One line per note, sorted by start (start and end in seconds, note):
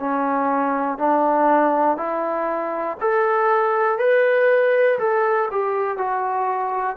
0.00 0.98 C#4
0.98 1.97 D4
1.97 2.97 E4
3.01 3.99 A4
3.99 4.99 B4
4.99 5.49 A4
5.51 5.98 G4
5.98 6.97 F#4